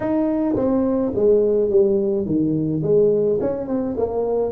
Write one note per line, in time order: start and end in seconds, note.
0.00 0.55 D#4
0.55 1.12 C4
1.15 1.70 G#3
1.70 2.25 G3
2.25 2.82 D#3
2.82 3.39 G#3
3.40 3.67 C#4
3.67 3.95 C4
3.97 4.51 A#3